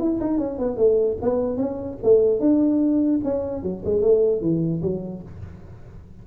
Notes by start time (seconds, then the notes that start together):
0.00 E4
0.21 D#4
0.39 C#4
0.59 B3
0.77 A3
1.22 B3
1.58 C#4
2.04 A3
2.40 D4
3.25 C#4
3.63 F#3
3.85 G#3
4.02 A3
4.42 E3
4.82 F#3